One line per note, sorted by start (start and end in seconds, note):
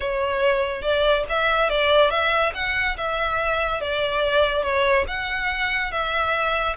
0.00 0.81 C#5
0.81 1.24 D5
1.29 1.69 E5
1.69 2.10 D5
2.10 2.52 E5
2.54 2.96 F#5
2.97 3.80 E5
3.80 4.62 D5
4.62 5.05 C#5
5.07 5.91 F#5
5.91 6.76 E5